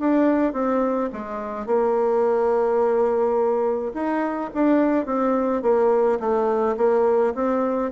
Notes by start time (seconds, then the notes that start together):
0.00 D4
0.53 C4
1.13 G#3
1.66 A#3
3.94 D#4
4.54 D4
5.06 C4
5.62 A#3
6.20 A3
6.77 A#3
7.35 C4